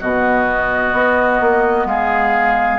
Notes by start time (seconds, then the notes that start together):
0.00 B2 B3 F#4 D#5
0.93 B3
1.41 A#3
1.85 G#3 G#4 F5